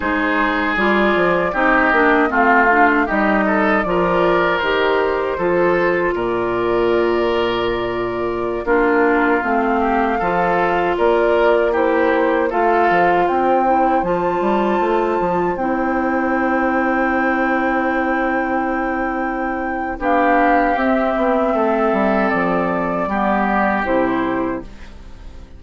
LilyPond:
<<
  \new Staff \with { instrumentName = "flute" } { \time 4/4 \tempo 4 = 78 c''4 d''4 dis''4 f''4 | dis''4 d''4 c''2 | d''2.~ d''16 ais'8.~ | ais'16 f''2 d''4 c''8.~ |
c''16 f''4 g''4 a''4.~ a''16~ | a''16 g''2.~ g''8.~ | g''2 f''4 e''4~ | e''4 d''2 c''4 | }
  \new Staff \with { instrumentName = "oboe" } { \time 4/4 gis'2 g'4 f'4 | g'8 a'8 ais'2 a'4 | ais'2.~ ais'16 f'8.~ | f'8. g'8 a'4 ais'4 g'8.~ |
g'16 a'4 c''2~ c''8.~ | c''1~ | c''2 g'2 | a'2 g'2 | }
  \new Staff \with { instrumentName = "clarinet" } { \time 4/4 dis'4 f'4 dis'8 d'8 c'8 d'8 | dis'4 f'4 g'4 f'4~ | f'2.~ f'16 d'8.~ | d'16 c'4 f'2 e'8.~ |
e'16 f'4. e'8 f'4.~ f'16~ | f'16 e'2.~ e'8.~ | e'2 d'4 c'4~ | c'2 b4 e'4 | }
  \new Staff \with { instrumentName = "bassoon" } { \time 4/4 gis4 g8 f8 c'8 ais8 a4 | g4 f4 dis4 f4 | ais,2.~ ais,16 ais8.~ | ais16 a4 f4 ais4.~ ais16~ |
ais16 a8 f8 c'4 f8 g8 a8 f16~ | f16 c'2.~ c'8.~ | c'2 b4 c'8 b8 | a8 g8 f4 g4 c4 | }
>>